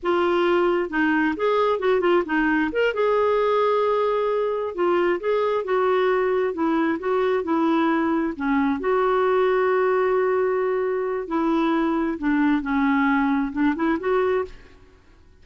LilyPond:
\new Staff \with { instrumentName = "clarinet" } { \time 4/4 \tempo 4 = 133 f'2 dis'4 gis'4 | fis'8 f'8 dis'4 ais'8 gis'4.~ | gis'2~ gis'8 f'4 gis'8~ | gis'8 fis'2 e'4 fis'8~ |
fis'8 e'2 cis'4 fis'8~ | fis'1~ | fis'4 e'2 d'4 | cis'2 d'8 e'8 fis'4 | }